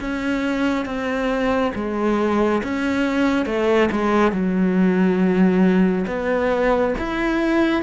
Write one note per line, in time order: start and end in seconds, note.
0.00 0.85 C#4
0.85 1.72 C4
1.75 2.62 G#3
2.63 3.45 C#4
3.45 3.89 A3
3.91 4.32 G#3
4.32 6.06 F#3
6.07 6.94 B3
6.98 7.83 E4